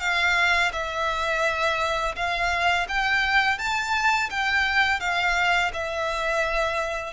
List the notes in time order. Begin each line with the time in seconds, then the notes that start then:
0.00 F5
0.72 E5
2.16 F5
2.88 G5
3.58 A5
4.30 G5
5.00 F5
5.73 E5